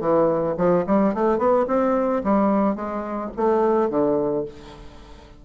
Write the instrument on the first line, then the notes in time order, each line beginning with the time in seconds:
bassoon
0.00 E3
0.57 F3
0.86 G3
1.14 A3
1.38 B3
1.67 C4
2.24 G3
2.75 G#3
3.36 A3
3.90 D3